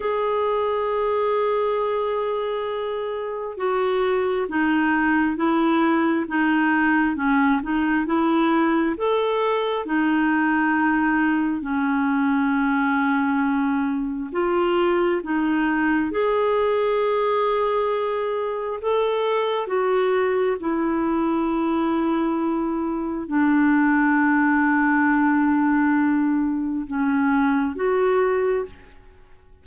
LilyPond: \new Staff \with { instrumentName = "clarinet" } { \time 4/4 \tempo 4 = 67 gis'1 | fis'4 dis'4 e'4 dis'4 | cis'8 dis'8 e'4 a'4 dis'4~ | dis'4 cis'2. |
f'4 dis'4 gis'2~ | gis'4 a'4 fis'4 e'4~ | e'2 d'2~ | d'2 cis'4 fis'4 | }